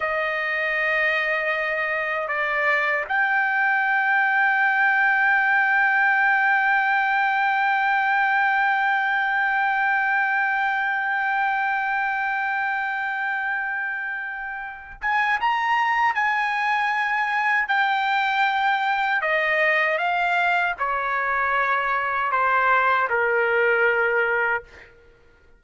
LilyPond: \new Staff \with { instrumentName = "trumpet" } { \time 4/4 \tempo 4 = 78 dis''2. d''4 | g''1~ | g''1~ | g''1~ |
g''2.~ g''8 gis''8 | ais''4 gis''2 g''4~ | g''4 dis''4 f''4 cis''4~ | cis''4 c''4 ais'2 | }